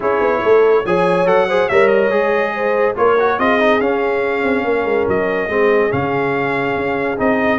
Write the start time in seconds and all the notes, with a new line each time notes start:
0.00 C#4 E4 G#4 C#5
0.20 B3
0.42 A3 A4
0.85 F3 G#4 C#5 G#5
1.25 F#3 A4 F#5
1.48 G#4 C5
1.68 G3 A#4 C#5 E5
1.87 D#5
2.09 G#3 G#4
2.54 C5
2.95 A#3 F4 A#4 C#5
3.19 F#4
3.38 C4 F4 G#4 D#5
3.59 D#4
3.80 C#4 F5
4.43 C4
4.64 A#3 A#4
4.84 G#3
5.07 F#3 D#5
5.48 G#3 C4 G#4
5.90 C#3 C#4 F5
6.76 C#4
7.17 C4 D#4 D#5